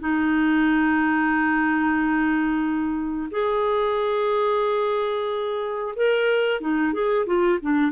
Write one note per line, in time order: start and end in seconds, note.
0.00 3.30 D#4
3.31 5.95 G#4
5.96 6.61 A#4
6.61 6.93 D#4
6.93 7.26 G#4
7.26 7.59 F4
7.62 7.92 D4